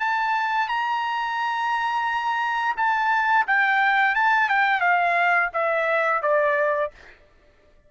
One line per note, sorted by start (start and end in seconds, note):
0.00 0.69 A5
0.69 2.76 A#5
2.77 3.46 A5
3.47 4.15 G5
4.15 4.49 A5
4.49 4.81 G5
4.81 5.50 F5
5.54 6.22 E5
6.22 6.91 D5